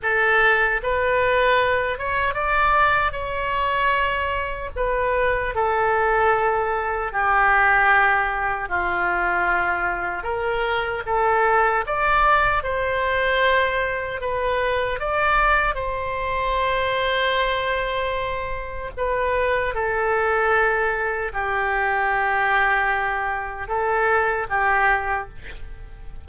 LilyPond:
\new Staff \with { instrumentName = "oboe" } { \time 4/4 \tempo 4 = 76 a'4 b'4. cis''8 d''4 | cis''2 b'4 a'4~ | a'4 g'2 f'4~ | f'4 ais'4 a'4 d''4 |
c''2 b'4 d''4 | c''1 | b'4 a'2 g'4~ | g'2 a'4 g'4 | }